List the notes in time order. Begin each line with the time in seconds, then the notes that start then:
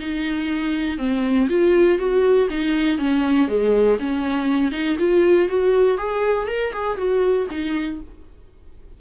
0.00 D#4
0.98 C4
1.50 F4
1.99 F#4
2.51 D#4
2.99 C#4
3.48 G#3
4.00 C#4
4.72 D#4
4.99 F4
5.49 F#4
5.98 G#4
6.48 A#4
6.73 G#4
6.98 F#4
7.51 D#4